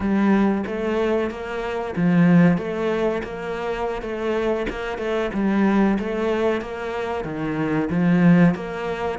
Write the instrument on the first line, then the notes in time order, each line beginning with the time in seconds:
cello
0.00 G3
0.66 A3
1.30 A#3
1.96 F3
2.57 A3
3.23 A#3
4.01 A3
4.69 A#3
4.98 A3
5.33 G3
5.99 A3
6.61 A#3
7.24 D#3
7.90 F3
8.54 A#3